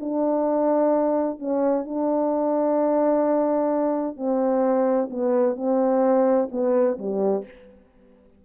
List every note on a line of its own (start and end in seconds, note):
0.00 1.39 D4
1.39 1.85 C#4
1.85 4.16 D4
4.16 5.10 C4
5.10 5.56 B3
5.56 6.49 C4
6.52 6.98 B3
6.99 7.45 G3